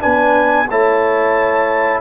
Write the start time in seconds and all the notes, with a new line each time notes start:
0.00 B3 D4 B4 G#5
0.70 A3 E4 C#5 A5